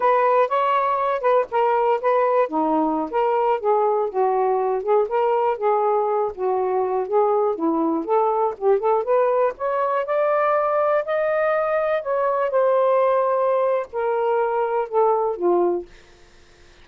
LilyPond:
\new Staff \with { instrumentName = "saxophone" } { \time 4/4 \tempo 4 = 121 b'4 cis''4. b'8 ais'4 | b'4 dis'4~ dis'16 ais'4 gis'8.~ | gis'16 fis'4. gis'8 ais'4 gis'8.~ | gis'8. fis'4. gis'4 e'8.~ |
e'16 a'4 g'8 a'8 b'4 cis''8.~ | cis''16 d''2 dis''4.~ dis''16~ | dis''16 cis''4 c''2~ c''8. | ais'2 a'4 f'4 | }